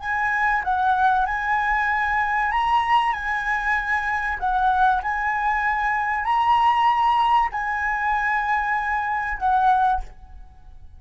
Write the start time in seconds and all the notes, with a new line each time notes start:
0.00 G#5
0.64 F#5
1.26 G#5
2.51 A#5
3.13 G#5
4.40 F#5
5.03 G#5
6.24 A#5
7.52 G#5
9.38 F#5